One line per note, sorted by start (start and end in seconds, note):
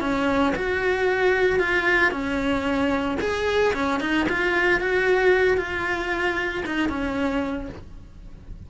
0.00 0.53 C#4
0.55 1.60 F#4
1.60 2.11 F4
2.11 3.18 C#4
3.20 3.73 G#4
3.74 4.00 C#4
4.00 4.27 D#4
4.29 4.80 F4
4.80 5.58 F#4
5.58 6.64 F4
6.66 6.89 D#4
6.89 7.68 C#4